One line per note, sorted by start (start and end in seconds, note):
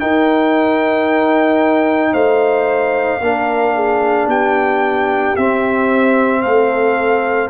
0.00 3.21 D#4
0.00 2.14 D#4
0.00 2.12 A#4
0.00 2.14 G5
2.12 3.20 A3
2.12 3.20 C5
2.12 4.28 F5
3.20 4.27 A#3
3.20 5.37 D4
3.20 3.75 A#4
3.75 4.28 G#4
4.27 5.34 B3
4.27 6.42 G4
4.27 5.37 G5
5.37 6.45 C4
5.37 7.50 C4
5.37 6.43 E5
6.43 7.50 A3
6.43 7.50 A4
6.43 7.50 F5